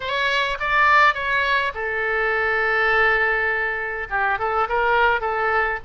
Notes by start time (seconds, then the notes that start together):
0.00 C#5
0.59 D5
1.14 C#5
1.74 A4
4.10 G4
4.38 A4
4.69 A#4
5.20 A4